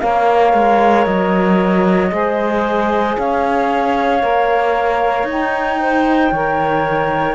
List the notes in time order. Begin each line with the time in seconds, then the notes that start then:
0.00 A#3 A#4 C#5 F5
0.54 G#3
1.05 F#3 D#5
2.09 G#3 G#4 C5
3.18 C#4 C#5 F5
4.22 A#3 A#4
5.23 D#4
5.30 G5
5.80 C5
6.32 D#3 A#4 C#5